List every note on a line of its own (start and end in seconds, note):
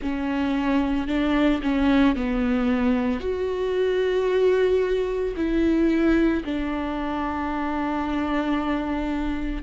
0.02 1.07 C#4
1.07 1.61 D4
1.62 2.15 C#4
2.15 3.19 B3
3.19 5.34 F#4
5.36 6.43 E4
6.44 9.62 D4